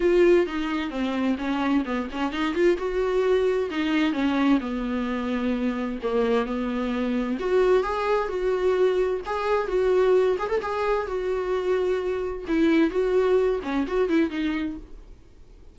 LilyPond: \new Staff \with { instrumentName = "viola" } { \time 4/4 \tempo 4 = 130 f'4 dis'4 c'4 cis'4 | b8 cis'8 dis'8 f'8 fis'2 | dis'4 cis'4 b2~ | b4 ais4 b2 |
fis'4 gis'4 fis'2 | gis'4 fis'4. gis'16 a'16 gis'4 | fis'2. e'4 | fis'4. cis'8 fis'8 e'8 dis'4 | }